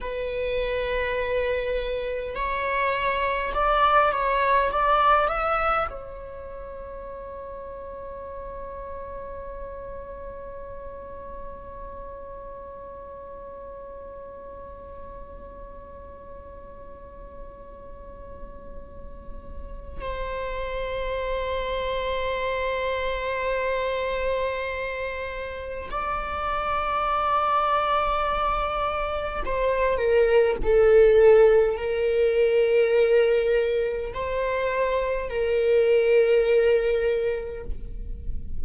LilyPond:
\new Staff \with { instrumentName = "viola" } { \time 4/4 \tempo 4 = 51 b'2 cis''4 d''8 cis''8 | d''8 e''8 cis''2.~ | cis''1~ | cis''1~ |
cis''4 c''2.~ | c''2 d''2~ | d''4 c''8 ais'8 a'4 ais'4~ | ais'4 c''4 ais'2 | }